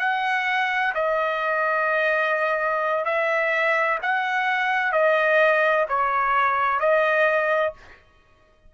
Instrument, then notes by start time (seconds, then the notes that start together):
trumpet
0.00 F#5
0.95 D#5
3.05 E5
4.03 F#5
4.93 D#5
5.89 C#5
6.80 D#5